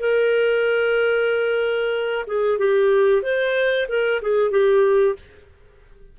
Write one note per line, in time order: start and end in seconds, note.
0.00 2.26 A#4
2.27 2.59 G#4
2.59 3.22 G4
3.22 3.87 C5
3.89 4.21 A#4
4.22 4.51 G#4
4.51 5.16 G4